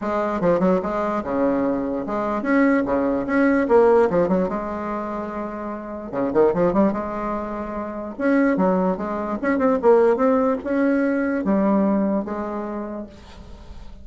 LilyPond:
\new Staff \with { instrumentName = "bassoon" } { \time 4/4 \tempo 4 = 147 gis4 f8 fis8 gis4 cis4~ | cis4 gis4 cis'4 cis4 | cis'4 ais4 f8 fis8 gis4~ | gis2. cis8 dis8 |
f8 g8 gis2. | cis'4 fis4 gis4 cis'8 c'8 | ais4 c'4 cis'2 | g2 gis2 | }